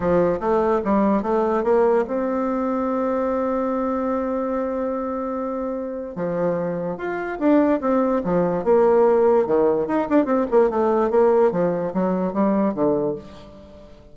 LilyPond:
\new Staff \with { instrumentName = "bassoon" } { \time 4/4 \tempo 4 = 146 f4 a4 g4 a4 | ais4 c'2.~ | c'1~ | c'2. f4~ |
f4 f'4 d'4 c'4 | f4 ais2 dis4 | dis'8 d'8 c'8 ais8 a4 ais4 | f4 fis4 g4 d4 | }